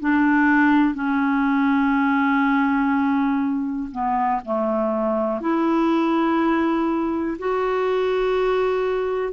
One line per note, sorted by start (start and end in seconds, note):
0.00 0.95 D4
0.95 3.90 C#4
3.92 4.41 B3
4.45 5.41 A3
5.41 7.38 E4
7.39 9.33 F#4